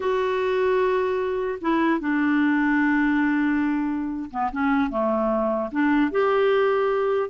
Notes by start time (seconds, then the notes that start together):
0.00 F#4
1.61 E4
2.00 D4
4.31 B3
4.52 C#4
4.89 A3
5.71 D4
6.11 G4